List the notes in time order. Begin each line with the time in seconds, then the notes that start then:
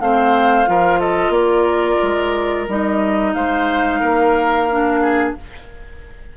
0.00 A3 C4 C5 F5
0.66 F3 F4 A#4
0.99 A4 D#5
1.29 A#3 A#4 D5
2.02 G#3
2.68 G3 D#4 D#5
3.33 G#3 C5 F5
4.00 A#3 A#4
4.70 D4
5.01 G#4